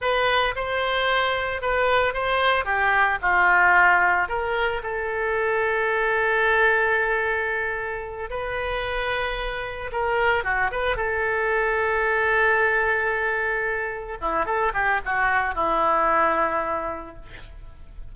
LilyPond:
\new Staff \with { instrumentName = "oboe" } { \time 4/4 \tempo 4 = 112 b'4 c''2 b'4 | c''4 g'4 f'2 | ais'4 a'2.~ | a'2.~ a'8 b'8~ |
b'2~ b'8 ais'4 fis'8 | b'8 a'2.~ a'8~ | a'2~ a'8 e'8 a'8 g'8 | fis'4 e'2. | }